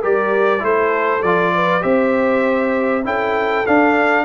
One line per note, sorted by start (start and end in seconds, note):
0.00 0.63 G3
0.00 0.59 G4
0.00 0.61 A#4
0.00 0.64 D5
0.59 1.23 A3
0.59 1.20 E4
0.59 1.54 A4
0.59 1.22 C5
1.22 1.83 F3
1.22 1.81 F4
1.22 1.83 D5
1.55 1.83 B4
1.81 3.05 C4
1.81 3.02 G4
1.81 3.04 C5
1.81 3.04 E5
3.04 3.65 C#4
3.04 3.65 E4
3.04 4.25 A4
3.04 3.67 G5
3.67 4.25 D4
3.67 4.25 F5